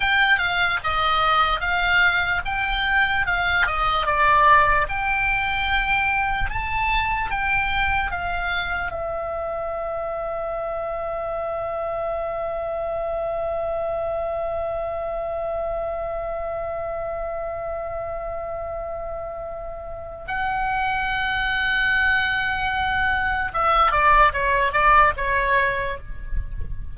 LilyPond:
\new Staff \with { instrumentName = "oboe" } { \time 4/4 \tempo 4 = 74 g''8 f''8 dis''4 f''4 g''4 | f''8 dis''8 d''4 g''2 | a''4 g''4 f''4 e''4~ | e''1~ |
e''1~ | e''1~ | e''4 fis''2.~ | fis''4 e''8 d''8 cis''8 d''8 cis''4 | }